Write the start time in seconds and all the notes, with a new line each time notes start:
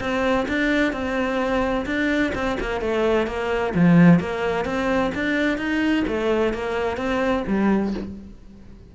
0.00 C4
0.48 D4
0.92 C4
1.85 D4
2.34 C4
2.60 A#3
2.81 A3
3.27 A#3
3.74 F3
4.20 A#3
4.65 C4
5.14 D4
5.58 D#4
6.07 A3
6.53 A#3
6.97 C4
7.47 G3